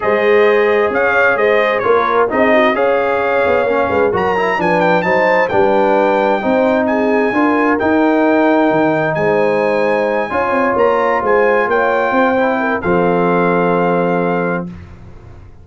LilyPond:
<<
  \new Staff \with { instrumentName = "trumpet" } { \time 4/4 \tempo 4 = 131 dis''2 f''4 dis''4 | cis''4 dis''4 f''2~ | f''4 ais''4 gis''8 g''8 a''4 | g''2. gis''4~ |
gis''4 g''2. | gis''2.~ gis''8 ais''8~ | ais''8 gis''4 g''2~ g''8 | f''1 | }
  \new Staff \with { instrumentName = "horn" } { \time 4/4 c''2 cis''4 c''4 | ais'4 gis'8 fis'8 cis''2~ | cis''8 b'8 ais'4 b'4 c''4 | b'2 c''4 gis'4 |
ais'1 | c''2~ c''8 cis''4.~ | cis''8 c''4 cis''4 c''4 ais'8 | a'1 | }
  \new Staff \with { instrumentName = "trombone" } { \time 4/4 gis'1 | f'4 dis'4 gis'2 | cis'4 fis'8 e'8 d'4 dis'4 | d'2 dis'2 |
f'4 dis'2.~ | dis'2~ dis'8 f'4.~ | f'2. e'4 | c'1 | }
  \new Staff \with { instrumentName = "tuba" } { \time 4/4 gis2 cis'4 gis4 | ais4 c'4 cis'4. b8 | ais8 gis8 fis4 f4 fis4 | g2 c'2 |
d'4 dis'2 dis4 | gis2~ gis8 cis'8 c'8 ais8~ | ais8 gis4 ais4 c'4. | f1 | }
>>